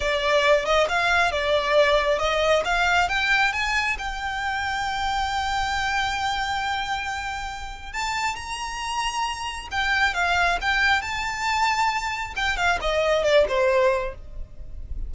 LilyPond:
\new Staff \with { instrumentName = "violin" } { \time 4/4 \tempo 4 = 136 d''4. dis''8 f''4 d''4~ | d''4 dis''4 f''4 g''4 | gis''4 g''2.~ | g''1~ |
g''2 a''4 ais''4~ | ais''2 g''4 f''4 | g''4 a''2. | g''8 f''8 dis''4 d''8 c''4. | }